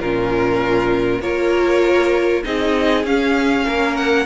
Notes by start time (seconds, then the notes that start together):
0.00 A#2 C#4 F4 A#4
1.21 A#3 F4 A#4 C#5
2.44 C4 D#4 G#4 D#5
3.05 C#4 F5
3.65 A#3 A#4
3.97 F#5